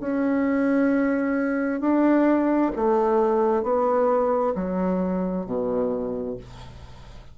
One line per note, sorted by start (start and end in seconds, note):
0.00 1.81 C#4
1.81 2.71 D4
2.76 3.63 A3
3.63 4.54 B3
4.55 5.46 F#3
5.46 6.37 B2